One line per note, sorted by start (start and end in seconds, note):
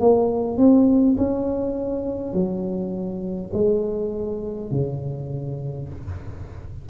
0.00 0.58 A#3
0.58 1.17 C4
1.18 2.34 C#4
2.34 3.51 F#3
3.53 4.71 G#3
4.71 5.89 C#3